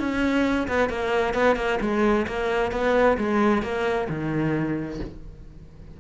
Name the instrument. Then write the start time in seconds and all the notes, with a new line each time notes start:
cello
0.00 C#4
0.69 B3
0.89 A#3
1.35 B3
1.56 A#3
1.81 G#3
2.28 A#3
2.72 B3
3.18 G#3
3.63 A#3
4.10 D#3